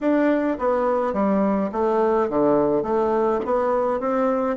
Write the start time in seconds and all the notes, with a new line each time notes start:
0.00 D4
0.59 B3
1.13 G3
1.72 A3
2.29 D3
2.82 A3
3.45 B3
3.99 C4